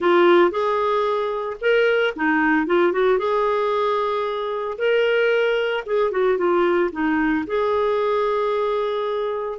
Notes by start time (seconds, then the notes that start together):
0.00 F4
0.50 G#4
1.60 A#4
2.16 D#4
2.66 F4
2.92 F#4
3.18 G#4
4.77 A#4
5.86 G#4
6.11 F#4
6.37 F4
6.92 D#4
7.46 G#4